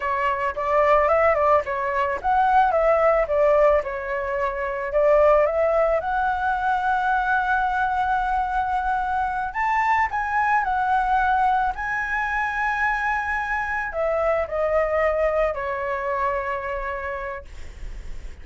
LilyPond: \new Staff \with { instrumentName = "flute" } { \time 4/4 \tempo 4 = 110 cis''4 d''4 e''8 d''8 cis''4 | fis''4 e''4 d''4 cis''4~ | cis''4 d''4 e''4 fis''4~ | fis''1~ |
fis''4. a''4 gis''4 fis''8~ | fis''4. gis''2~ gis''8~ | gis''4. e''4 dis''4.~ | dis''8 cis''2.~ cis''8 | }